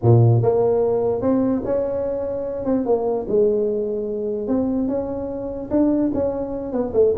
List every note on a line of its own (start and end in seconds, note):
0.02 0.42 A#2
0.42 1.21 A#3
1.21 1.62 C4
1.64 2.65 C#4
2.65 2.85 C4
2.85 3.26 A#3
3.28 4.47 G#3
4.47 4.87 C4
4.87 5.69 C#4
5.70 6.11 D4
6.14 6.72 C#4
6.72 6.92 B3
6.93 7.14 A3